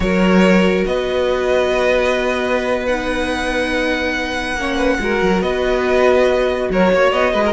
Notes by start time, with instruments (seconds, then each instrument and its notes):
0.00 cello F#3, viola F#4, violin A#4 C#5
0.85 cello B3, violin B4 D#5
2.86 viola D#4, violin F#5
4.55 cello A#3, viola C#4, violin C#5
4.76 violin B4
4.99 cello G#3, viola F#4, violin A#4
5.21 cello F#3
5.41 cello B3, violin B4 D#5
6.70 cello F#3, violin A#4 C#5
6.92 cello A#3, violin C#5
7.12 cello B3, violin D#5
7.33 cello G#3, violin B4
7.44 violin A#4